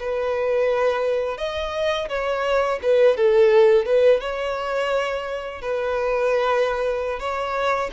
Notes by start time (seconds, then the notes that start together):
0.00 B4
1.38 D#5
2.09 C#5
2.83 B4
3.17 A4
3.86 B4
4.21 C#5
5.62 B4
7.20 C#5